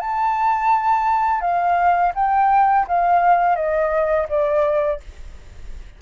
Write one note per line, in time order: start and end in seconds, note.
0.00 1.41 A5
1.41 2.12 F5
2.15 2.86 G5
2.87 3.56 F5
3.56 4.27 D#5
4.29 5.00 D5